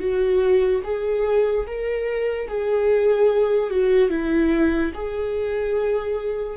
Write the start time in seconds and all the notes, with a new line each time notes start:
0.00 F#4
0.84 G#4
1.67 A#4
2.48 G#4
3.70 F#4
4.10 E4
4.95 G#4